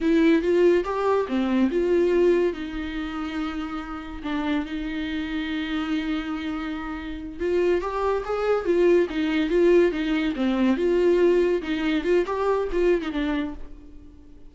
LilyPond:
\new Staff \with { instrumentName = "viola" } { \time 4/4 \tempo 4 = 142 e'4 f'4 g'4 c'4 | f'2 dis'2~ | dis'2 d'4 dis'4~ | dis'1~ |
dis'4. f'4 g'4 gis'8~ | gis'8 f'4 dis'4 f'4 dis'8~ | dis'8 c'4 f'2 dis'8~ | dis'8 f'8 g'4 f'8. dis'16 d'4 | }